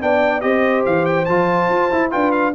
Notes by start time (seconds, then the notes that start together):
0.00 B3 D4 D5 G5
0.40 C4 G4 C5 D#5
0.85 E3 F5
1.05 G5
1.25 F3 F4 A5
1.68 F4
1.91 E4
2.10 D4 F4 B4 G5
2.31 F5